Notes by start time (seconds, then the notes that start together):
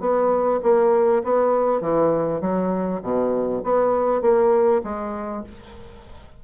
0.00 B3
0.63 A#3
1.24 B3
1.81 E3
2.41 F#3
3.02 B2
3.64 B3
4.21 A#3
4.83 G#3